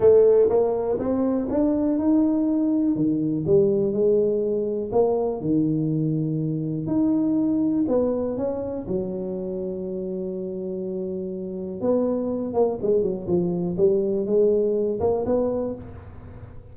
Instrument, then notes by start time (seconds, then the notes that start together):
tuba
0.00 A3
0.49 A#3
0.99 C4
1.49 D4
1.98 D#4
2.95 D#3
3.46 G3
3.92 G#3
4.92 A#3
5.41 D#3
6.87 D#4
7.88 B3
8.37 C#4
8.87 F#3
11.80 B3
12.53 A#3
12.82 G#3
13.02 F#3
13.27 F3
13.77 G3
14.26 G#3
15.00 A#3
15.25 B3